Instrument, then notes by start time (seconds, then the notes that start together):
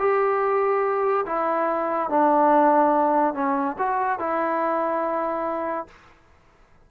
trombone
0.00 G4
1.26 E4
2.10 D4
3.35 C#4
3.79 F#4
4.20 E4